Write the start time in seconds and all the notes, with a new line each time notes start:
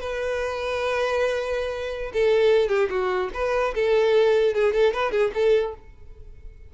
0.00 B4
2.13 A4
2.69 G4
2.90 F#4
3.34 B4
3.74 A4
4.54 G#4
4.73 A4
4.93 B4
5.11 G#4
5.34 A4